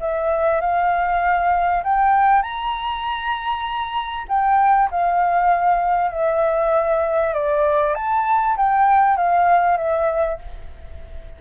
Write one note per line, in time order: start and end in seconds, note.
0.00 0.61 E5
0.61 1.83 F5
1.84 2.42 G5
2.42 4.26 A#5
4.29 4.90 G5
4.91 6.11 F5
6.11 7.34 E5
7.34 7.95 D5
7.95 8.56 A5
8.57 9.17 G5
9.17 9.77 F5
9.77 10.39 E5